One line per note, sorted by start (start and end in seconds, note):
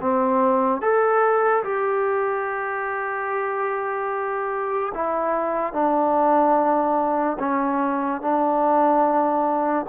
0.00 0.81 C4
0.81 1.63 A4
1.64 4.92 G4
4.94 5.73 E4
5.73 7.37 D4
7.39 8.21 C#4
8.21 9.86 D4